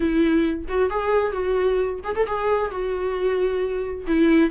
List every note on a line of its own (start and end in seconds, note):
0.00 0.65 E4
0.68 0.90 F#4
0.90 1.32 G#4
1.32 2.00 F#4
2.04 2.15 G#4
2.15 2.26 A4
2.26 2.70 G#4
2.70 4.06 F#4
4.06 4.50 E4